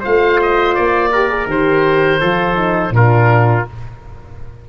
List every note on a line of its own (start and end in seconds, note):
0.00 0.78 A3
0.00 1.12 F4
0.00 1.08 C5
0.00 0.40 F5
0.42 0.74 D#5
0.74 1.46 A#3
0.74 1.47 D5
1.12 1.29 G4
1.12 2.20 A#4
1.29 1.47 G#4
1.46 2.18 D#3
1.46 2.20 G4
1.46 2.94 C5
2.20 2.90 F3
2.20 2.55 F4
2.20 2.92 A4
2.55 2.91 D#4
2.90 3.62 A#2
2.90 3.65 D4
2.90 3.68 F4
2.90 3.66 A#4